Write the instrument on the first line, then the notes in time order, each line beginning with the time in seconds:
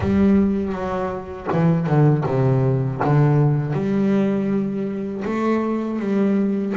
double bass
0.00 G3
0.72 F#3
1.52 E3
1.86 D3
2.26 C3
3.04 D3
3.73 G3
5.24 A3
5.99 G3